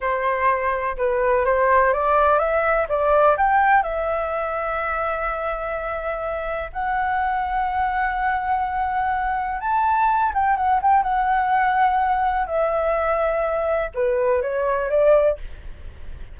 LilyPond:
\new Staff \with { instrumentName = "flute" } { \time 4/4 \tempo 4 = 125 c''2 b'4 c''4 | d''4 e''4 d''4 g''4 | e''1~ | e''2 fis''2~ |
fis''1 | a''4. g''8 fis''8 g''8 fis''4~ | fis''2 e''2~ | e''4 b'4 cis''4 d''4 | }